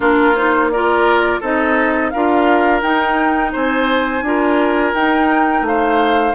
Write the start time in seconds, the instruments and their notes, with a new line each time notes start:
0.00 bassoon A#3, clarinet D4, oboe F4, flute A#4
0.35 clarinet D#4, flute C5
0.70 clarinet F4, oboe A#4, flute D5
1.40 bassoon C4, clarinet D#4, oboe A4, flute D#5
2.09 bassoon D4, clarinet F4, oboe A#4, flute F5
2.81 clarinet D#4, bassoon D#4, flute G5
3.52 bassoon C4, oboe C5, flute G#5
4.22 bassoon D4, clarinet F4, oboe A#4
4.93 bassoon D#4, clarinet D#4, flute G5
5.61 bassoon A3, oboe C5, flute F5